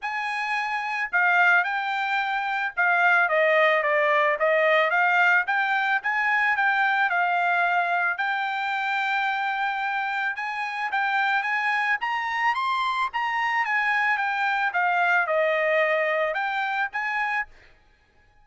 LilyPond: \new Staff \with { instrumentName = "trumpet" } { \time 4/4 \tempo 4 = 110 gis''2 f''4 g''4~ | g''4 f''4 dis''4 d''4 | dis''4 f''4 g''4 gis''4 | g''4 f''2 g''4~ |
g''2. gis''4 | g''4 gis''4 ais''4 c'''4 | ais''4 gis''4 g''4 f''4 | dis''2 g''4 gis''4 | }